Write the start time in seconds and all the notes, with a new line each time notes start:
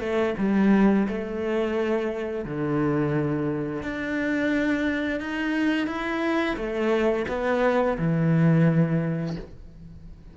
0.00 A3
0.39 G3
1.08 A3
2.45 D3
3.83 D4
5.21 D#4
5.87 E4
6.57 A3
7.29 B3
7.98 E3